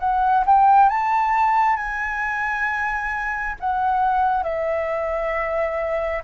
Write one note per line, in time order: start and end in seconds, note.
0.00 0.45 F#5
0.46 0.90 G5
0.90 1.77 A5
1.77 3.56 G#5
3.60 4.44 F#5
4.44 6.23 E5